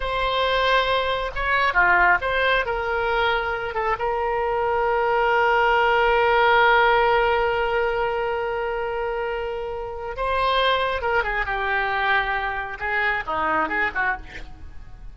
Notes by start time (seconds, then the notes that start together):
0.00 C5
1.35 C#5
1.73 F4
2.21 C5
2.65 A#4
3.74 A4
3.98 A#4
10.16 C5
11.01 A#4
11.23 G#4
11.45 G4
12.79 G#4
13.26 D#4
13.68 G#4
13.94 F#4